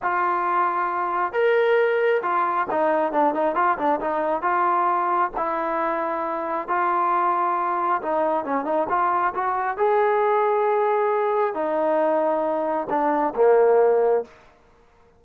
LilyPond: \new Staff \with { instrumentName = "trombone" } { \time 4/4 \tempo 4 = 135 f'2. ais'4~ | ais'4 f'4 dis'4 d'8 dis'8 | f'8 d'8 dis'4 f'2 | e'2. f'4~ |
f'2 dis'4 cis'8 dis'8 | f'4 fis'4 gis'2~ | gis'2 dis'2~ | dis'4 d'4 ais2 | }